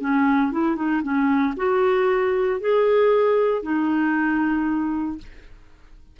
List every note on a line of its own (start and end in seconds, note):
0.00 0.51 C#4
0.51 0.76 E4
0.76 1.02 D#4
1.02 1.54 C#4
1.56 2.60 F#4
2.60 3.63 G#4
3.63 5.18 D#4